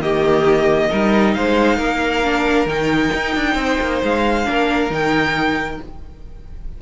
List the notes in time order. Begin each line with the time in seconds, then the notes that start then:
0.00 D#3 A#3 G4 D#5
0.90 G3 D#4 A#4
1.34 G#3 C5 F5
1.77 A#3 A#4
2.24 D4
2.66 D#3 D#4 G5
3.14 D#4
3.36 D4
3.55 C4 C5
3.81 A#3
4.04 G#3 F5
4.45 A#3 D4 A#4
4.90 D#3 D#4 G5